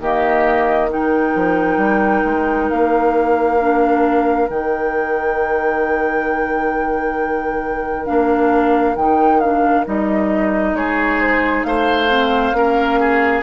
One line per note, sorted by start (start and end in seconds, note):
0.00 1.34 D#3
0.00 0.89 A#3
0.00 0.90 G4
0.00 0.90 D#5
0.89 3.57 D#4
0.89 10.75 A#4
0.89 2.70 G5
1.35 1.77 F3
1.77 2.22 G3
2.25 2.70 G#3
2.70 4.50 A#3
2.70 4.49 F5
3.60 4.48 D4
4.48 8.08 D#3
4.48 8.06 D#4
4.48 8.06 G5
8.06 8.96 A#3
8.06 8.96 D4
8.06 8.96 F5
8.96 9.86 D#3
8.96 9.43 D#4
8.96 9.40 G5
9.40 9.85 D4
9.40 9.85 F5
9.85 10.74 G3
9.85 12.09 D#4
9.85 10.76 D#5
10.74 11.63 G#3
10.74 11.67 G#4
10.74 11.21 C#5
11.21 11.64 C5
11.64 12.53 A3
11.64 12.57 C5
11.64 13.43 F5
12.09 12.54 C4
12.53 13.42 A#3
12.53 13.43 C#4
12.53 13.00 A#4
13.00 13.43 G#4